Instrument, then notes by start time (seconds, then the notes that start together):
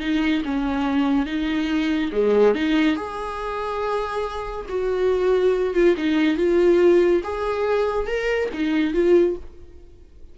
viola
0.00 D#4
0.45 C#4
1.26 D#4
2.12 G#3
2.55 D#4
2.96 G#4
4.69 F#4
5.74 F4
5.97 D#4
6.37 F4
7.23 G#4
8.07 A#4
8.53 D#4
8.94 F4